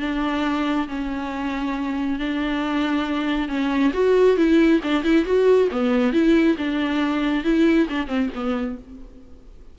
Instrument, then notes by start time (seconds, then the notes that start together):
viola
0.00 D4
0.88 C#4
2.19 D4
3.48 C#4
3.93 F#4
4.37 E4
4.83 D4
5.04 E4
5.25 F#4
5.71 B3
6.13 E4
6.58 D4
7.44 E4
7.89 D4
8.07 C4
8.35 B3